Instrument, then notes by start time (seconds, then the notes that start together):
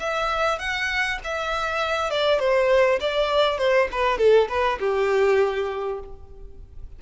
violin
0.00 E5
0.59 F#5
1.24 E5
2.11 D5
2.39 C5
3.01 D5
3.58 C5
3.92 B4
4.18 A4
4.49 B4
4.80 G4